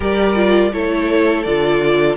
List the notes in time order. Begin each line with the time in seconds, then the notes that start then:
0.00 G3 G4 A#4 D5
0.34 F4
0.73 A3 E4 A4 C#5
1.43 D3 F4 D5